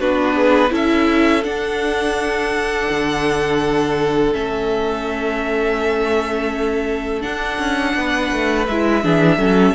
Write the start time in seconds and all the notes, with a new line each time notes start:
0.00 B3 D4 F#4 B4
0.35 G#4
0.70 C#4 E4 A4 E5
1.42 D4 F#5
2.91 D3
4.33 A3 C#4 E5
7.21 D4 F#5
7.59 C#4
7.96 B3 B4
8.32 A3
8.68 G#3 E4 E5
9.03 E3 D4 G#4
9.38 F#3 C#4 A4